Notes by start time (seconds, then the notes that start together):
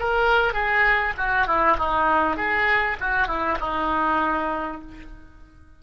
0.00 A#4
0.54 G#4
1.18 F#4
1.47 E4
1.78 D#4
2.37 G#4
3.01 F#4
3.28 E4
3.61 D#4